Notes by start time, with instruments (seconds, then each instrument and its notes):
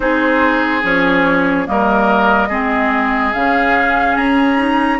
0.00 bassoon C4, clarinet D#4, oboe G#4, flute C5
0.82 bassoon F3, clarinet C#4, flute C#5
1.66 bassoon G3, clarinet A#3, oboe A#4, flute D#5
2.48 bassoon G#3, clarinet C4, oboe G#4
3.33 bassoon C#3, clarinet C#4, flute F5
4.16 bassoon C#4, flute A#5
4.56 clarinet D#4